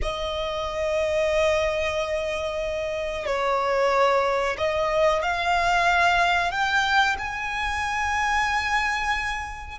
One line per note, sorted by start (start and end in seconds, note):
0.01 3.25 D#5
3.25 4.56 C#5
4.57 5.22 D#5
5.22 6.51 F5
6.51 7.16 G5
7.18 9.78 G#5